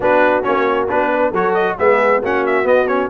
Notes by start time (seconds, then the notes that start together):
0.00 B3 D4 F#4 B4
0.42 A#3 C#4 C#5
0.88 B3 D4 B4
1.12 B4
1.30 F#3 F#4 A4 C#5
1.54 D#5
1.78 G#3 B3 G#4 E5
2.21 A#3 C#4 F#4 F#5
2.46 E5
2.64 B3 D#5
2.87 C#4 C#5